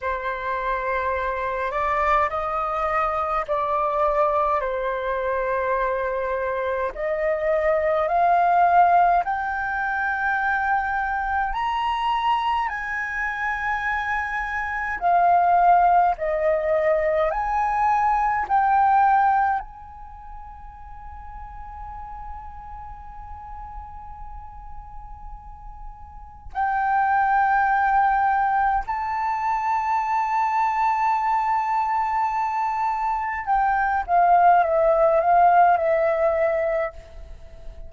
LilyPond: \new Staff \with { instrumentName = "flute" } { \time 4/4 \tempo 4 = 52 c''4. d''8 dis''4 d''4 | c''2 dis''4 f''4 | g''2 ais''4 gis''4~ | gis''4 f''4 dis''4 gis''4 |
g''4 gis''2.~ | gis''2. g''4~ | g''4 a''2.~ | a''4 g''8 f''8 e''8 f''8 e''4 | }